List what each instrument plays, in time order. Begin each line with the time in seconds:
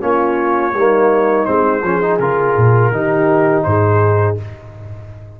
0.00 tuba A#3, trombone C#4, horn F4, trumpet C#5
0.73 tuba G3, trombone A#3, horn D#4
1.45 tuba G#3, trombone C4, trumpet C5
1.82 tuba F3, trombone C#4, horn G#4
2.01 trombone D#4
2.18 tuba C#3, trombone F4, trumpet A#4
2.56 tuba A#2
2.92 tuba D#3, trombone D#4, horn G4
3.62 tuba G#2, horn G#4, trumpet C5